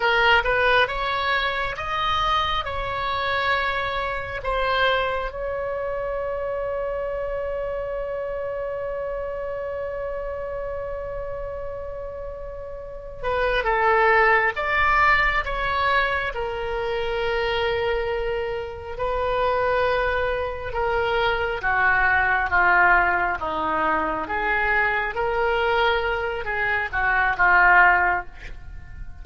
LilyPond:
\new Staff \with { instrumentName = "oboe" } { \time 4/4 \tempo 4 = 68 ais'8 b'8 cis''4 dis''4 cis''4~ | cis''4 c''4 cis''2~ | cis''1~ | cis''2. b'8 a'8~ |
a'8 d''4 cis''4 ais'4.~ | ais'4. b'2 ais'8~ | ais'8 fis'4 f'4 dis'4 gis'8~ | gis'8 ais'4. gis'8 fis'8 f'4 | }